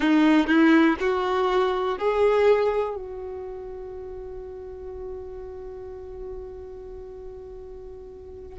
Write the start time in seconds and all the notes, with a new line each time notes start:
0.00 D#4
0.47 E4
1.00 F#4
1.98 G#4
2.95 F#4